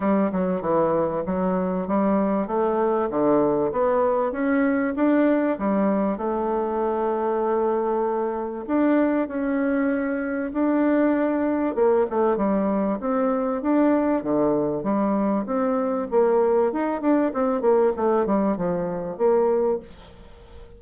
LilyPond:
\new Staff \with { instrumentName = "bassoon" } { \time 4/4 \tempo 4 = 97 g8 fis8 e4 fis4 g4 | a4 d4 b4 cis'4 | d'4 g4 a2~ | a2 d'4 cis'4~ |
cis'4 d'2 ais8 a8 | g4 c'4 d'4 d4 | g4 c'4 ais4 dis'8 d'8 | c'8 ais8 a8 g8 f4 ais4 | }